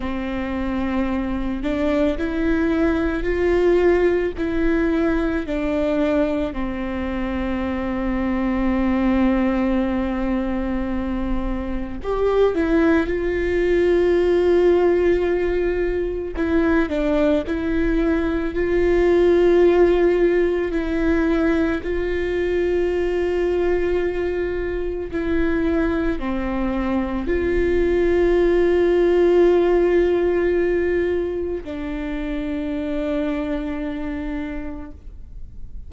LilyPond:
\new Staff \with { instrumentName = "viola" } { \time 4/4 \tempo 4 = 55 c'4. d'8 e'4 f'4 | e'4 d'4 c'2~ | c'2. g'8 e'8 | f'2. e'8 d'8 |
e'4 f'2 e'4 | f'2. e'4 | c'4 f'2.~ | f'4 d'2. | }